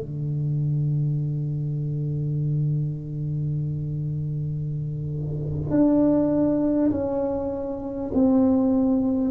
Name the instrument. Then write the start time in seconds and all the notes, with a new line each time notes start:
tuba
0.00 D3
5.71 D4
6.91 C#4
8.13 C4